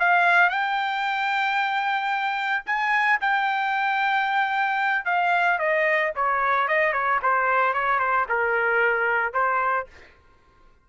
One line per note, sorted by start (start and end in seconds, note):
0.00 0.50 F5
0.50 2.64 G5
2.66 3.20 G#5
3.21 5.06 G5
5.06 5.59 F5
5.59 6.13 D#5
6.16 6.68 C#5
6.68 6.93 D#5
6.93 7.20 C#5
7.23 7.74 C5
7.74 7.99 C#5
7.99 8.26 C5
8.29 9.34 A#4
9.34 9.87 C5